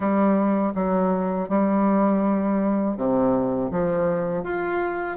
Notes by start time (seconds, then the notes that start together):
0.00 G3
0.74 F#3
1.48 G3
2.96 C3
3.71 F3
4.43 F4